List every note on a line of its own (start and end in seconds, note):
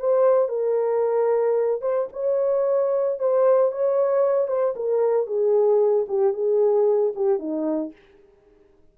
0.00 0.49 C5
0.49 1.82 A#4
1.82 2.09 C5
2.13 3.19 C#5
3.19 3.72 C5
3.72 4.48 C#5
4.48 4.75 C5
4.76 5.27 A#4
5.27 6.07 G#4
6.09 6.34 G4
6.34 7.14 G#4
7.16 7.39 G4
7.39 7.93 D#4